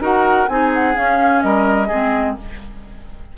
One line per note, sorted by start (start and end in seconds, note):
0.00 0.47 D#4
0.00 0.48 F#4
0.00 0.49 A#4
0.00 0.48 F#5
0.48 0.96 C4
0.48 0.94 D#4
0.48 1.44 G#4
0.48 0.72 G#5
0.74 0.96 F#5
0.94 1.89 C#4
0.94 1.43 C#4
0.94 1.42 F5
1.42 1.90 G3
1.42 1.87 A#4
1.42 2.36 D#5
1.87 2.37 G#3
1.87 2.37 C4
1.87 2.34 G#4